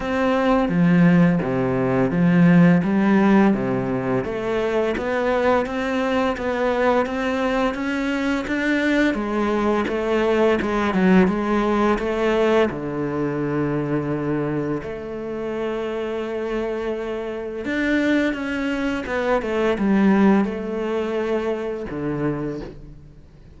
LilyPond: \new Staff \with { instrumentName = "cello" } { \time 4/4 \tempo 4 = 85 c'4 f4 c4 f4 | g4 c4 a4 b4 | c'4 b4 c'4 cis'4 | d'4 gis4 a4 gis8 fis8 |
gis4 a4 d2~ | d4 a2.~ | a4 d'4 cis'4 b8 a8 | g4 a2 d4 | }